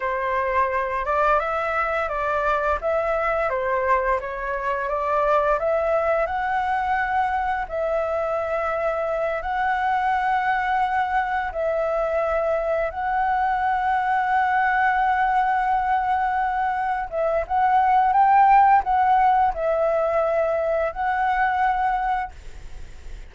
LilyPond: \new Staff \with { instrumentName = "flute" } { \time 4/4 \tempo 4 = 86 c''4. d''8 e''4 d''4 | e''4 c''4 cis''4 d''4 | e''4 fis''2 e''4~ | e''4. fis''2~ fis''8~ |
fis''8 e''2 fis''4.~ | fis''1~ | fis''8 e''8 fis''4 g''4 fis''4 | e''2 fis''2 | }